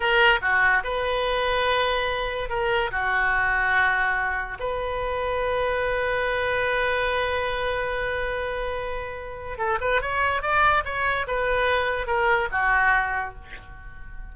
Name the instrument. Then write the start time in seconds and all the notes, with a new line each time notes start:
oboe
0.00 A#4
0.41 F#4
0.83 B4
2.49 A#4
2.91 F#4
4.59 B4
9.58 A4
9.80 B4
10.01 C#5
10.41 D5
10.84 C#5
11.27 B4
12.06 A#4
12.51 F#4